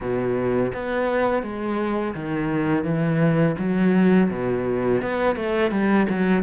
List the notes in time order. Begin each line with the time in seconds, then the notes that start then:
0.00 B2
0.73 B3
1.43 G#3
2.14 D#3
2.84 E3
3.58 F#3
4.30 B2
5.02 B3
5.35 A3
5.71 G3
6.09 F#3